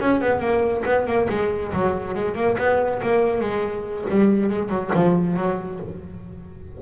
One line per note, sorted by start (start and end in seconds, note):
0.00 0.21 C#4
0.21 0.40 B3
0.40 0.83 A#3
0.85 1.07 B3
1.07 1.28 A#3
1.30 1.73 G#3
1.73 2.15 F#3
2.15 2.35 G#3
2.35 2.57 A#3
2.58 3.01 B3
3.02 3.41 A#3
3.41 4.06 G#3
4.10 4.50 G3
4.50 4.69 G#3
4.69 4.91 F#3
4.94 5.37 F3
5.37 5.80 F#3